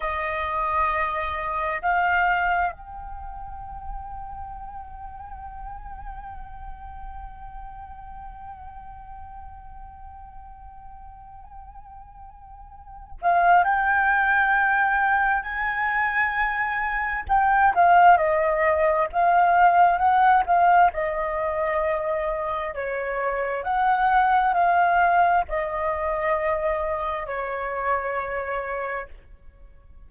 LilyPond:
\new Staff \with { instrumentName = "flute" } { \time 4/4 \tempo 4 = 66 dis''2 f''4 g''4~ | g''1~ | g''1~ | g''2~ g''8 f''8 g''4~ |
g''4 gis''2 g''8 f''8 | dis''4 f''4 fis''8 f''8 dis''4~ | dis''4 cis''4 fis''4 f''4 | dis''2 cis''2 | }